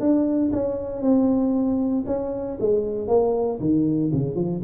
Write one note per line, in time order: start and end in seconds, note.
0.00 0.51 D4
0.52 1.02 C#4
1.02 2.05 C4
2.07 2.58 C#4
2.60 3.08 G#3
3.08 3.59 A#3
3.60 4.11 D#3
4.13 4.35 C#3
4.35 4.61 F3